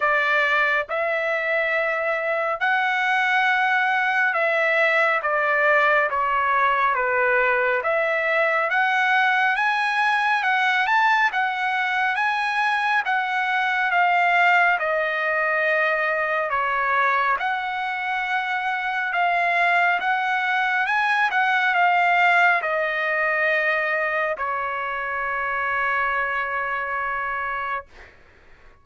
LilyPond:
\new Staff \with { instrumentName = "trumpet" } { \time 4/4 \tempo 4 = 69 d''4 e''2 fis''4~ | fis''4 e''4 d''4 cis''4 | b'4 e''4 fis''4 gis''4 | fis''8 a''8 fis''4 gis''4 fis''4 |
f''4 dis''2 cis''4 | fis''2 f''4 fis''4 | gis''8 fis''8 f''4 dis''2 | cis''1 | }